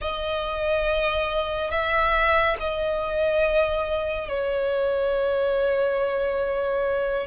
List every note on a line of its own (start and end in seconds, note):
0.01 1.71 D#5
1.71 2.56 E5
2.59 4.28 D#5
4.28 7.27 C#5